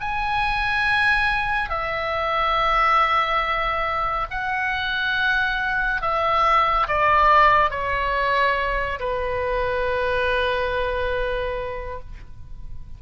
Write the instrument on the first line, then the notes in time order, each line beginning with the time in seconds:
oboe
0.00 G#5
1.69 E5
4.30 F#5
6.01 E5
6.87 D5
7.70 C#5
8.99 B4